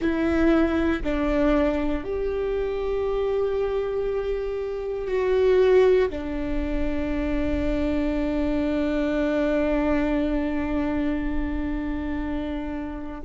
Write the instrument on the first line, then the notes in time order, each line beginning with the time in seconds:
viola
0.00 E4
1.03 D4
2.03 G4
5.07 F#4
6.09 D4